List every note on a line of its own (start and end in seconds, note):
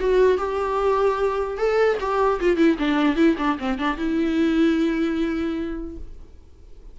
0.00 0.37 F#4
0.37 1.57 G4
1.58 1.98 A4
2.00 2.40 G4
2.40 2.57 F4
2.57 2.77 E4
2.79 3.16 D4
3.16 3.36 E4
3.38 3.58 D4
3.59 3.79 C4
3.79 3.97 D4
3.97 5.97 E4